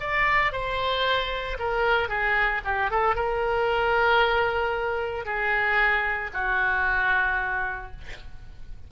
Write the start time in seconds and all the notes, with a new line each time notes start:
0.00 D5
0.52 C5
1.59 A#4
2.08 G#4
2.64 G4
2.90 A4
3.15 A#4
5.25 G#4
6.33 F#4